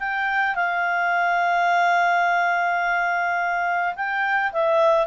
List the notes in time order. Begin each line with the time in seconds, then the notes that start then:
0.00 G5
0.56 F5
3.96 G5
4.53 E5